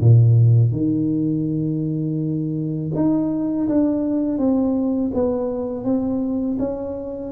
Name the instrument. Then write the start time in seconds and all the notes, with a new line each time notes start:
tuba
0.00 A#2
0.71 D#3
2.95 D#4
3.68 D4
4.38 C4
5.14 B3
5.84 C4
6.59 C#4